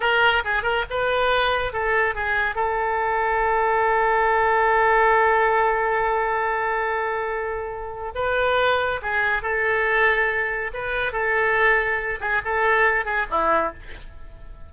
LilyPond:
\new Staff \with { instrumentName = "oboe" } { \time 4/4 \tempo 4 = 140 ais'4 gis'8 ais'8 b'2 | a'4 gis'4 a'2~ | a'1~ | a'1~ |
a'2. b'4~ | b'4 gis'4 a'2~ | a'4 b'4 a'2~ | a'8 gis'8 a'4. gis'8 e'4 | }